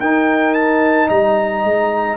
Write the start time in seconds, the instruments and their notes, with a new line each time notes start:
0.00 tuba D#4, trombone D#4, horn A#4, trumpet G5
0.54 trumpet A5
1.07 tuba G3, horn D#5, trumpet A#5
1.64 tuba G#3